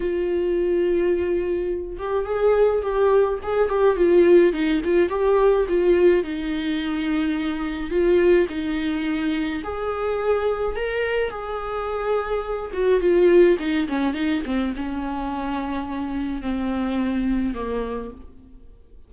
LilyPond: \new Staff \with { instrumentName = "viola" } { \time 4/4 \tempo 4 = 106 f'2.~ f'8 g'8 | gis'4 g'4 gis'8 g'8 f'4 | dis'8 f'8 g'4 f'4 dis'4~ | dis'2 f'4 dis'4~ |
dis'4 gis'2 ais'4 | gis'2~ gis'8 fis'8 f'4 | dis'8 cis'8 dis'8 c'8 cis'2~ | cis'4 c'2 ais4 | }